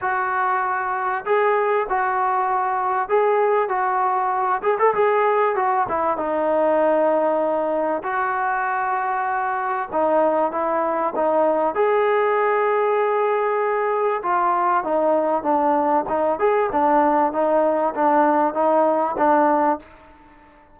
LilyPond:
\new Staff \with { instrumentName = "trombone" } { \time 4/4 \tempo 4 = 97 fis'2 gis'4 fis'4~ | fis'4 gis'4 fis'4. gis'16 a'16 | gis'4 fis'8 e'8 dis'2~ | dis'4 fis'2. |
dis'4 e'4 dis'4 gis'4~ | gis'2. f'4 | dis'4 d'4 dis'8 gis'8 d'4 | dis'4 d'4 dis'4 d'4 | }